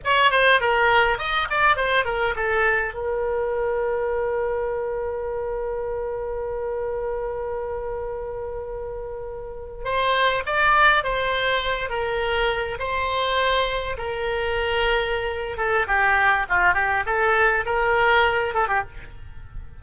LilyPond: \new Staff \with { instrumentName = "oboe" } { \time 4/4 \tempo 4 = 102 cis''8 c''8 ais'4 dis''8 d''8 c''8 ais'8 | a'4 ais'2.~ | ais'1~ | ais'1~ |
ais'8. c''4 d''4 c''4~ c''16~ | c''16 ais'4. c''2 ais'16~ | ais'2~ ais'8 a'8 g'4 | f'8 g'8 a'4 ais'4. a'16 g'16 | }